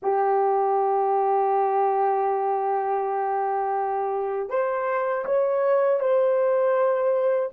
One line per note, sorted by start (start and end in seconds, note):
0.02 4.49 G4
4.49 5.24 C5
5.25 6.00 C#5
6.00 7.50 C5